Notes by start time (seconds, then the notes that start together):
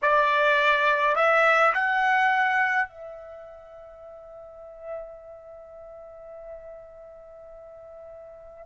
0.02 D5
1.15 E5
1.74 F#5
2.88 E5